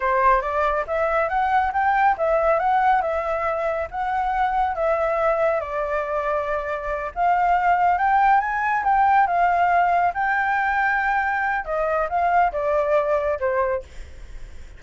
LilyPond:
\new Staff \with { instrumentName = "flute" } { \time 4/4 \tempo 4 = 139 c''4 d''4 e''4 fis''4 | g''4 e''4 fis''4 e''4~ | e''4 fis''2 e''4~ | e''4 d''2.~ |
d''8 f''2 g''4 gis''8~ | gis''8 g''4 f''2 g''8~ | g''2. dis''4 | f''4 d''2 c''4 | }